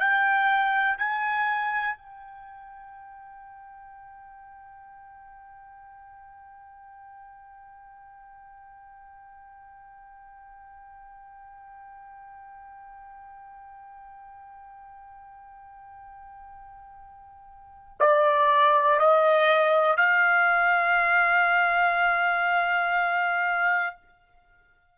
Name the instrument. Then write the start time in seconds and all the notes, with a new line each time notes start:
trumpet
0.00 G5
0.98 G#5
1.97 G5
18.00 D5
19.00 D#5
19.97 F5